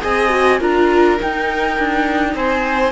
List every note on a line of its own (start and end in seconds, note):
0.00 0.61 C4
0.00 0.29 G#4
0.00 0.58 D#5
0.00 0.61 G#5
0.29 0.58 F#4
0.58 1.19 D4
0.58 1.18 F4
0.58 2.33 A#4
0.58 1.20 A#5
1.18 2.92 D#4
1.18 1.78 D#4
1.18 2.35 G5
1.78 2.34 D4
2.34 2.92 C4
2.34 2.92 C5
2.34 2.92 G#5